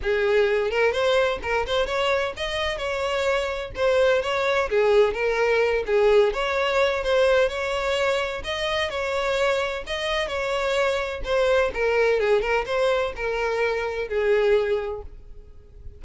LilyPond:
\new Staff \with { instrumentName = "violin" } { \time 4/4 \tempo 4 = 128 gis'4. ais'8 c''4 ais'8 c''8 | cis''4 dis''4 cis''2 | c''4 cis''4 gis'4 ais'4~ | ais'8 gis'4 cis''4. c''4 |
cis''2 dis''4 cis''4~ | cis''4 dis''4 cis''2 | c''4 ais'4 gis'8 ais'8 c''4 | ais'2 gis'2 | }